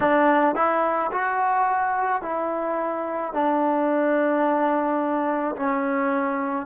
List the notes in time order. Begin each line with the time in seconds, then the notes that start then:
0.00 D4
0.55 E4
1.11 F#4
2.22 E4
3.33 D4
5.56 C#4